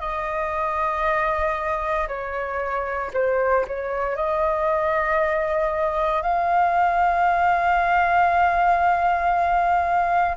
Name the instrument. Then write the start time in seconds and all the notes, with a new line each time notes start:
flute
0.00 D#5
2.07 C#5
3.13 C5
3.67 C#5
4.16 D#5
6.22 F5